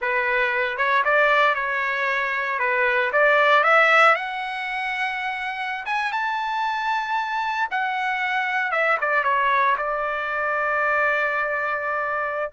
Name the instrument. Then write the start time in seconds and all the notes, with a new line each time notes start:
trumpet
0.01 B4
0.77 C#5
1.04 D5
1.55 C#5
2.59 B4
3.12 D5
3.63 E5
4.15 F#5
5.85 G#5
6.12 A5
7.70 F#5
8.71 E5
9.00 D5
9.23 C#5
9.77 D5